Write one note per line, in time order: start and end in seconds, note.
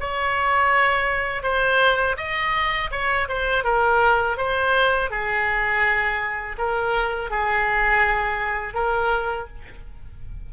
0.00 1.43 C#5
1.43 2.16 C5
2.17 2.90 D#5
2.91 3.28 C#5
3.28 3.64 C5
3.64 4.37 A#4
4.37 5.10 C5
5.10 6.57 G#4
6.58 7.30 A#4
7.30 8.74 G#4
8.74 9.47 A#4